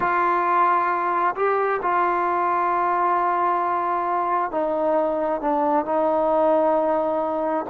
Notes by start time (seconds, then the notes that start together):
0.00 F4
1.35 G4
1.82 F4
4.51 D#4
5.41 D4
5.85 D#4